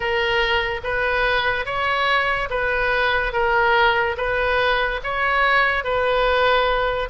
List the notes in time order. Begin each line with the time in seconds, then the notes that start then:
0.00 A#4
0.83 B4
1.65 C#5
2.50 B4
3.32 A#4
4.17 B4
5.03 C#5
5.84 B4